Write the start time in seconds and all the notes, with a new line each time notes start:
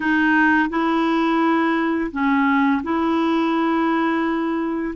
0.00 D#4
0.69 E4
2.11 C#4
2.83 E4